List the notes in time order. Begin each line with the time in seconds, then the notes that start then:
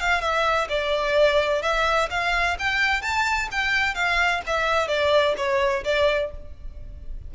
0.00 F5
0.21 E5
0.69 D5
1.62 E5
2.10 F5
2.59 G5
3.02 A5
3.51 G5
3.94 F5
4.46 E5
4.87 D5
5.37 C#5
5.84 D5